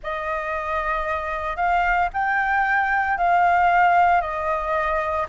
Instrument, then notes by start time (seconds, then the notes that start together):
flute
0.03 D#5
1.56 F5
2.13 G5
3.17 F5
4.21 D#5